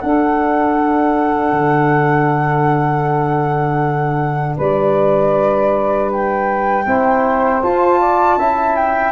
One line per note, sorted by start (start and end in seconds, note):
0.00 6.85 D4
0.00 1.51 D4
0.00 4.56 A4
0.00 4.56 F#5
1.51 4.55 D3
4.56 6.86 G3
4.56 6.84 B4
4.56 6.11 D5
6.11 7.62 G5
6.86 7.62 C4
6.86 7.62 E4
6.86 7.99 C5
7.62 8.37 F4
7.62 8.39 F4
7.62 8.75 A5
7.99 8.37 D5
8.37 9.12 C#4
8.37 9.12 E4
8.37 9.12 E5
8.75 9.12 G5